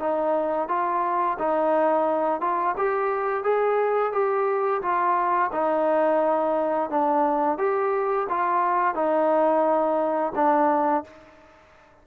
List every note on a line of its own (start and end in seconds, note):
0.00 0.69 D#4
0.69 1.38 F4
1.39 2.41 D#4
2.41 2.76 F4
2.78 3.44 G4
3.44 4.13 G#4
4.13 4.82 G4
4.82 5.51 F4
5.52 6.90 D#4
6.91 7.59 D4
7.59 8.28 G4
8.29 8.95 F4
8.95 10.33 D#4
10.36 11.05 D4